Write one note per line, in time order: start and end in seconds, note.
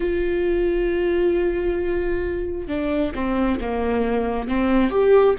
0.00 2.67 F4
2.67 3.12 D4
3.14 3.59 C4
3.60 4.48 A#3
4.48 4.90 C4
4.90 5.34 G4